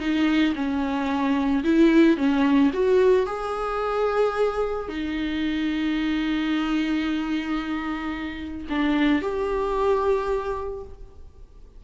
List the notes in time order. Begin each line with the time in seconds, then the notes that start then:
0.00 D#4
0.55 C#4
1.64 E4
2.17 C#4
2.73 F#4
3.27 G#4
4.89 D#4
8.70 D4
9.22 G4